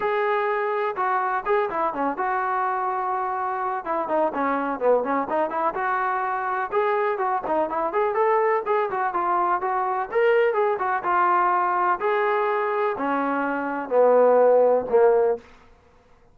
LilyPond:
\new Staff \with { instrumentName = "trombone" } { \time 4/4 \tempo 4 = 125 gis'2 fis'4 gis'8 e'8 | cis'8 fis'2.~ fis'8 | e'8 dis'8 cis'4 b8 cis'8 dis'8 e'8 | fis'2 gis'4 fis'8 dis'8 |
e'8 gis'8 a'4 gis'8 fis'8 f'4 | fis'4 ais'4 gis'8 fis'8 f'4~ | f'4 gis'2 cis'4~ | cis'4 b2 ais4 | }